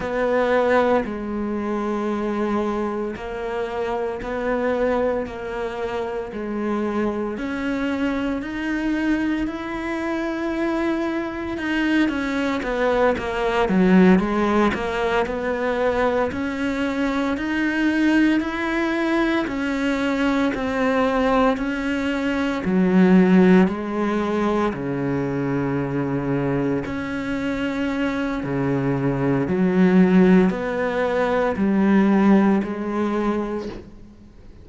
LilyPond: \new Staff \with { instrumentName = "cello" } { \time 4/4 \tempo 4 = 57 b4 gis2 ais4 | b4 ais4 gis4 cis'4 | dis'4 e'2 dis'8 cis'8 | b8 ais8 fis8 gis8 ais8 b4 cis'8~ |
cis'8 dis'4 e'4 cis'4 c'8~ | c'8 cis'4 fis4 gis4 cis8~ | cis4. cis'4. cis4 | fis4 b4 g4 gis4 | }